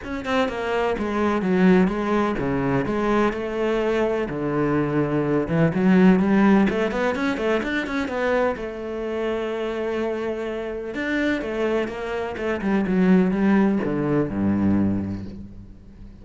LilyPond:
\new Staff \with { instrumentName = "cello" } { \time 4/4 \tempo 4 = 126 cis'8 c'8 ais4 gis4 fis4 | gis4 cis4 gis4 a4~ | a4 d2~ d8 e8 | fis4 g4 a8 b8 cis'8 a8 |
d'8 cis'8 b4 a2~ | a2. d'4 | a4 ais4 a8 g8 fis4 | g4 d4 g,2 | }